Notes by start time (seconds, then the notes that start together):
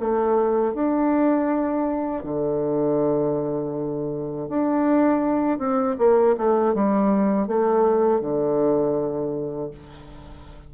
0.00 A3
0.74 D4
2.23 D3
4.49 D4
5.58 C4
5.98 A#3
6.37 A3
6.74 G3
7.47 A3
8.21 D3